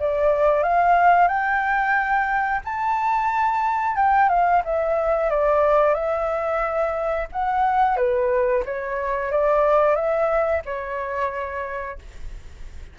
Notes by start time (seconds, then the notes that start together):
0.00 D5
0.64 F5
1.28 G5
2.65 A5
3.97 G5
4.29 F5
4.65 E5
5.31 D5
5.95 E5
7.33 F#5
7.97 B4
8.66 C#5
9.32 D5
9.96 E5
10.66 C#5